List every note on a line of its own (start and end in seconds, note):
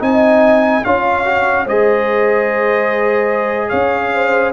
0.00 0.84 C4
0.00 0.82 D#4
0.00 0.85 D#5
0.00 0.85 G#5
0.85 1.67 C#4
0.85 1.25 F4
0.85 1.65 C#5
0.85 1.67 F5
1.25 1.66 F#4
1.65 3.72 G#3
1.65 4.53 G#4
1.65 3.70 C5
1.65 3.70 D#5
3.70 4.53 C#4
3.70 4.11 C#5
3.70 4.52 F5
4.14 4.53 C5